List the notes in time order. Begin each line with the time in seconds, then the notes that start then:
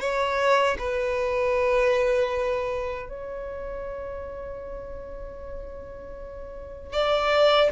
0.00 C#5
0.78 B4
3.09 C#5
6.93 D5